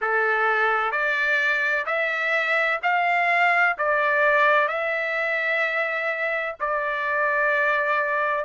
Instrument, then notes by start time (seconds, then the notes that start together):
trumpet
0.01 A4
0.91 D5
1.86 E5
2.83 F5
3.78 D5
4.67 E5
6.60 D5